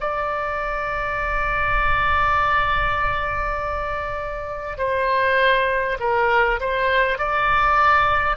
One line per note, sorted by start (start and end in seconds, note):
0.00 4.78 D5
4.78 5.98 C5
5.99 6.59 A#4
6.60 7.18 C5
7.18 8.37 D5